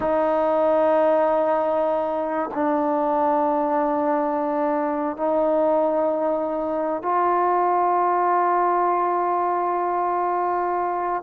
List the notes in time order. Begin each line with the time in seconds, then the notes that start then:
0.00 D#4
2.54 D4
5.16 D#4
7.02 F4